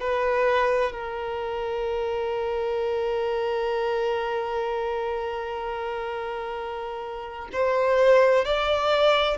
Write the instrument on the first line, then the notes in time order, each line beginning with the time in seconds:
violin
0.00 B4
0.92 A#4
7.53 C5
8.45 D5